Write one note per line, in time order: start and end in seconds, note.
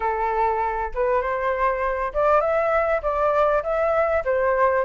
0.00 0.91 A4
0.94 1.21 B4
1.21 2.12 C5
2.13 2.40 D5
2.40 3.01 E5
3.02 3.63 D5
3.63 4.23 E5
4.24 4.84 C5